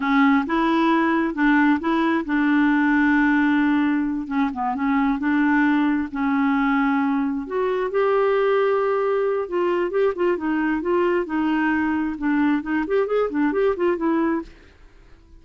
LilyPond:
\new Staff \with { instrumentName = "clarinet" } { \time 4/4 \tempo 4 = 133 cis'4 e'2 d'4 | e'4 d'2.~ | d'4. cis'8 b8 cis'4 d'8~ | d'4. cis'2~ cis'8~ |
cis'8 fis'4 g'2~ g'8~ | g'4 f'4 g'8 f'8 dis'4 | f'4 dis'2 d'4 | dis'8 g'8 gis'8 d'8 g'8 f'8 e'4 | }